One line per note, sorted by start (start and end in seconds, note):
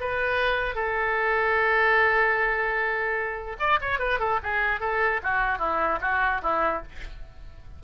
0.00 0.75 B4
0.75 3.57 A4
3.59 3.79 D5
3.81 3.99 C#5
3.99 4.19 B4
4.19 4.39 A4
4.43 4.80 G#4
4.80 5.20 A4
5.23 5.59 F#4
5.59 5.99 E4
6.01 6.41 F#4
6.42 6.82 E4